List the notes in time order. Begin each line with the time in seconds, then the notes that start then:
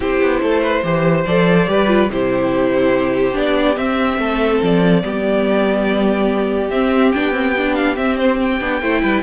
0.00 C4 E4 G4 C5
0.21 B3
0.42 A3 A4
0.62 B4
0.83 E3 G4 C5
1.25 F3 A4 D5
1.67 G3 G4 B4
1.87 F4
2.09 C3 E4 G4 C5
3.33 B3 D4 D5
3.76 C4 E5
4.18 A3 A4
4.62 F3 D5
5.02 G3 B3 G4
6.70 C4 E5
7.11 B3 D4 G5
7.32 C4
7.57 D4
7.74 F5
7.96 C4 E5
8.17 C5
8.41 G5
8.59 B3 D4
8.80 A3 E4 C5
9.02 G3 B4